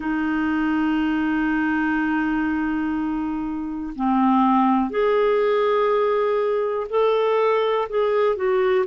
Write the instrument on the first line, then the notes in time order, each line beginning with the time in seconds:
clarinet
0.00 D#4
3.95 C4
4.90 G#4
6.89 A4
7.89 G#4
8.36 F#4